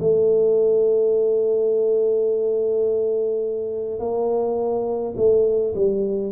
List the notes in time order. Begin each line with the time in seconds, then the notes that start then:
0.00 A3
3.99 A#3
5.17 A3
5.75 G3